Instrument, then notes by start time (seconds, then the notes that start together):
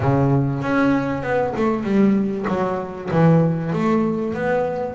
double bass
0.00 C#3
0.62 C#4
1.22 B3
1.56 A3
1.83 G3
2.47 F#3
3.11 E3
3.72 A3
4.34 B3